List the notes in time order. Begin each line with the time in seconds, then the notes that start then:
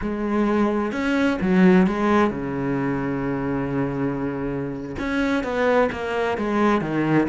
0.01 G#3
0.91 C#4
1.41 F#3
1.86 G#3
2.30 C#3
4.98 C#4
5.43 B3
5.91 A#3
6.37 G#3
6.81 D#3